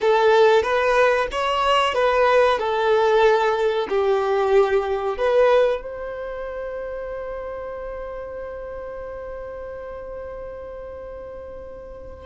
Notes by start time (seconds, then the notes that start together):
0.00 A4
0.62 B4
1.31 C#5
1.94 B4
2.58 A4
3.89 G4
5.17 B4
5.82 C5